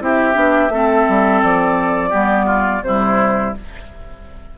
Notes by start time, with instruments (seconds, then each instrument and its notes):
0.00 bassoon C4, clarinet E4, oboe G4, flute E5
0.33 bassoon B3, clarinet D4
0.69 bassoon A3, clarinet C4, oboe A4
1.08 bassoon G3
1.42 bassoon F3, flute D5
2.10 bassoon G3, clarinet B3, oboe G4
2.46 oboe F4
2.82 bassoon C3, clarinet G3, oboe E4, flute C5